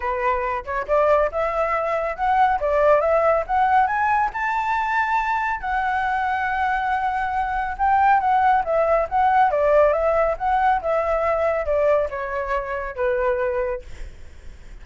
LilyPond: \new Staff \with { instrumentName = "flute" } { \time 4/4 \tempo 4 = 139 b'4. cis''8 d''4 e''4~ | e''4 fis''4 d''4 e''4 | fis''4 gis''4 a''2~ | a''4 fis''2.~ |
fis''2 g''4 fis''4 | e''4 fis''4 d''4 e''4 | fis''4 e''2 d''4 | cis''2 b'2 | }